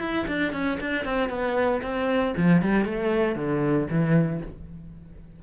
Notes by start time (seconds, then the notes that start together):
0.00 E4
0.27 D4
0.53 C#4
0.80 D4
1.05 C4
1.30 B3
1.82 C4
2.37 F3
2.62 G3
2.85 A3
3.36 D3
3.90 E3